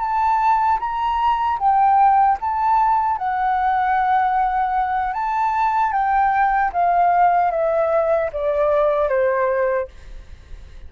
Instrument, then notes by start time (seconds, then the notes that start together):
flute
0.00 A5
0.80 A#5
1.59 G5
2.40 A5
3.18 F#5
5.14 A5
5.92 G5
6.72 F5
7.51 E5
8.33 D5
9.09 C5